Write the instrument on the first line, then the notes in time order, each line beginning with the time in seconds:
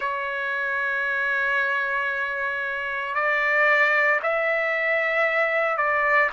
trumpet
0.00 C#5
3.14 D5
4.22 E5
5.77 D5